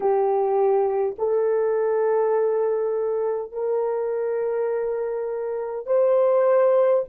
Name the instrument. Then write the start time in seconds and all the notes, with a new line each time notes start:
horn
0.00 G4
1.18 A4
3.52 A#4
5.86 C5